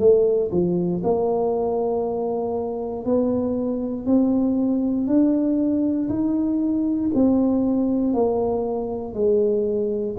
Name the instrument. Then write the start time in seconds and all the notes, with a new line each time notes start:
tuba
0.00 A3
0.51 F3
1.04 A#3
3.06 B3
4.06 C4
5.07 D4
6.09 D#4
7.15 C4
8.14 A#3
9.14 G#3